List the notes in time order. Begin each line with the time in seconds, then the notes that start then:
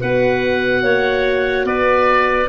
0.00 B3 F#4 B4 F#5
0.82 A#3 C#5
1.64 B3 B4 D5